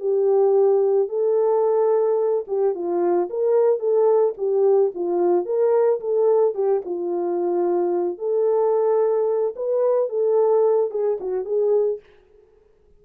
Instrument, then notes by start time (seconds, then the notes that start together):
horn
0.00 G4
1.09 A4
2.48 G4
2.75 F4
3.30 A#4
3.80 A4
4.38 G4
4.95 F4
5.46 A#4
6.01 A4
6.55 G4
6.86 F4
8.19 A4
9.56 B4
10.09 A4
10.91 G#4
11.21 F#4
11.45 G#4